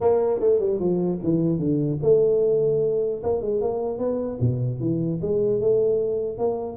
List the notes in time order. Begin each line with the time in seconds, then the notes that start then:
0.00 A#3
0.39 A3
0.59 G3
0.79 F3
1.23 E3
1.59 D3
2.02 A3
3.23 A#3
3.41 G#3
3.61 A#3
3.98 B3
4.40 B2
4.80 E3
5.21 G#3
5.60 A3
6.38 A#3